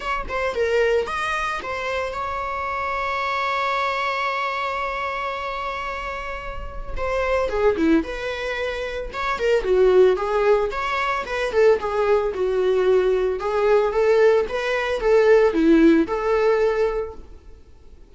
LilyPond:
\new Staff \with { instrumentName = "viola" } { \time 4/4 \tempo 4 = 112 cis''8 c''8 ais'4 dis''4 c''4 | cis''1~ | cis''1~ | cis''4 c''4 gis'8 e'8 b'4~ |
b'4 cis''8 ais'8 fis'4 gis'4 | cis''4 b'8 a'8 gis'4 fis'4~ | fis'4 gis'4 a'4 b'4 | a'4 e'4 a'2 | }